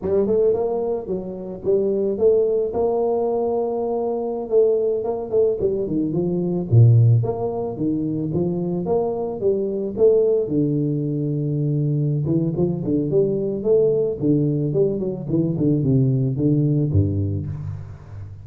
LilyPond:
\new Staff \with { instrumentName = "tuba" } { \time 4/4 \tempo 4 = 110 g8 a8 ais4 fis4 g4 | a4 ais2.~ | ais16 a4 ais8 a8 g8 dis8 f8.~ | f16 ais,4 ais4 dis4 f8.~ |
f16 ais4 g4 a4 d8.~ | d2~ d8 e8 f8 d8 | g4 a4 d4 g8 fis8 | e8 d8 c4 d4 g,4 | }